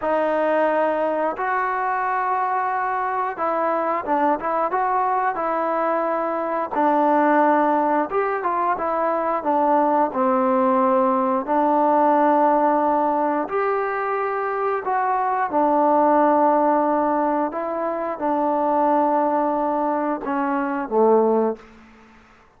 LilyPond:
\new Staff \with { instrumentName = "trombone" } { \time 4/4 \tempo 4 = 89 dis'2 fis'2~ | fis'4 e'4 d'8 e'8 fis'4 | e'2 d'2 | g'8 f'8 e'4 d'4 c'4~ |
c'4 d'2. | g'2 fis'4 d'4~ | d'2 e'4 d'4~ | d'2 cis'4 a4 | }